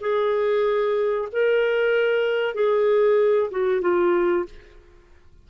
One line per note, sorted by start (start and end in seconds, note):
0.00 1.28 G#4
1.31 2.54 A#4
2.54 3.50 G#4
3.50 3.81 F#4
3.81 4.45 F4